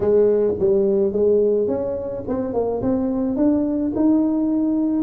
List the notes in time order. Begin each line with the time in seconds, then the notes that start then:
0.00 G#3
0.59 G3
1.12 G#3
1.67 C#4
2.28 C4
2.53 A#3
2.82 C4
3.36 D4
3.95 D#4